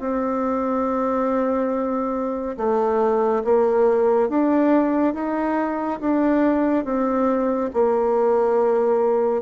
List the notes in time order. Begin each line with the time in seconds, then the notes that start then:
0.00 C4
2.58 A3
3.44 A#3
4.29 D4
5.14 D#4
6.01 D4
6.85 C4
7.74 A#3